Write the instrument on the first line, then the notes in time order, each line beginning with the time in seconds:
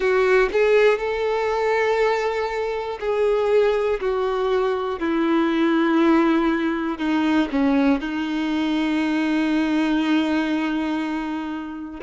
violin
0.00 F#4
0.52 G#4
0.98 A4
3.00 G#4
4.00 F#4
5.00 E4
6.98 D#4
7.51 C#4
8.00 D#4